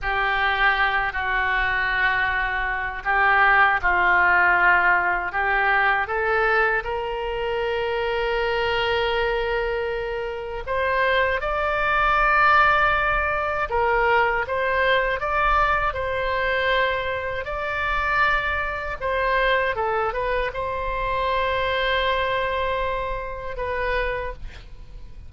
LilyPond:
\new Staff \with { instrumentName = "oboe" } { \time 4/4 \tempo 4 = 79 g'4. fis'2~ fis'8 | g'4 f'2 g'4 | a'4 ais'2.~ | ais'2 c''4 d''4~ |
d''2 ais'4 c''4 | d''4 c''2 d''4~ | d''4 c''4 a'8 b'8 c''4~ | c''2. b'4 | }